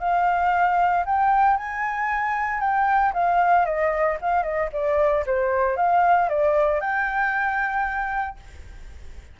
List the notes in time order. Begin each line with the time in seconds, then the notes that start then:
0.00 F5
1.06 G5
1.57 G#5
2.61 G5
3.14 F5
3.65 D#5
4.21 F5
4.43 D#5
4.73 D5
5.26 C5
5.77 F5
6.29 D5
6.81 G5